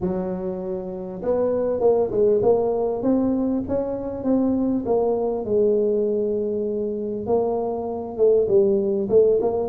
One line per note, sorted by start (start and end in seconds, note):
0.00 1.21 F#3
1.22 1.80 B3
1.80 2.10 A#3
2.10 2.41 G#3
2.42 3.02 A#3
3.02 3.63 C4
3.68 4.23 C#4
4.23 4.84 C4
4.85 5.45 A#3
5.45 7.26 G#3
7.26 8.17 A#3
8.17 8.47 A3
8.48 9.08 G3
9.09 9.39 A3
9.41 9.69 A#3